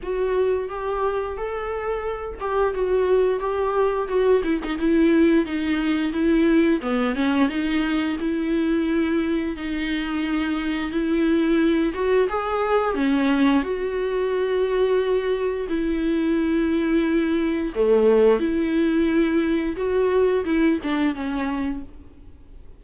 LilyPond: \new Staff \with { instrumentName = "viola" } { \time 4/4 \tempo 4 = 88 fis'4 g'4 a'4. g'8 | fis'4 g'4 fis'8 e'16 dis'16 e'4 | dis'4 e'4 b8 cis'8 dis'4 | e'2 dis'2 |
e'4. fis'8 gis'4 cis'4 | fis'2. e'4~ | e'2 a4 e'4~ | e'4 fis'4 e'8 d'8 cis'4 | }